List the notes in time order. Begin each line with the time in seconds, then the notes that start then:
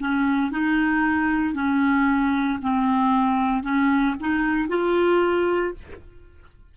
0.00 C#4
0.52 D#4
1.55 C#4
2.62 C4
3.63 C#4
4.21 D#4
4.69 F4